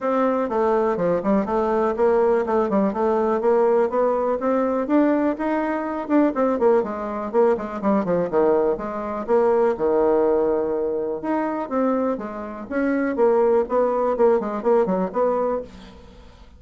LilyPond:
\new Staff \with { instrumentName = "bassoon" } { \time 4/4 \tempo 4 = 123 c'4 a4 f8 g8 a4 | ais4 a8 g8 a4 ais4 | b4 c'4 d'4 dis'4~ | dis'8 d'8 c'8 ais8 gis4 ais8 gis8 |
g8 f8 dis4 gis4 ais4 | dis2. dis'4 | c'4 gis4 cis'4 ais4 | b4 ais8 gis8 ais8 fis8 b4 | }